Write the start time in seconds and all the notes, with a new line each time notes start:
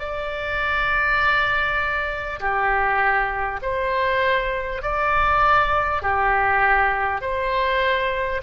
0.00 D5
2.40 G4
3.62 C5
4.82 D5
6.02 G4
7.21 C5